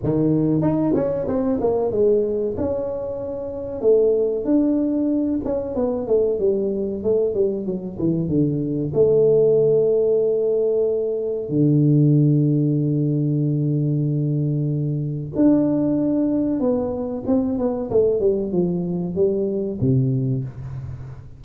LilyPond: \new Staff \with { instrumentName = "tuba" } { \time 4/4 \tempo 4 = 94 dis4 dis'8 cis'8 c'8 ais8 gis4 | cis'2 a4 d'4~ | d'8 cis'8 b8 a8 g4 a8 g8 | fis8 e8 d4 a2~ |
a2 d2~ | d1 | d'2 b4 c'8 b8 | a8 g8 f4 g4 c4 | }